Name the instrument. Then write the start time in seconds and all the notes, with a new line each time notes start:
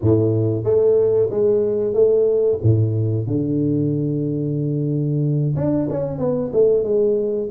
tuba
0.01 A2
0.63 A3
1.30 G#3
1.93 A3
2.63 A2
3.26 D3
5.55 D4
5.90 C#4
6.18 B3
6.52 A3
6.83 G#3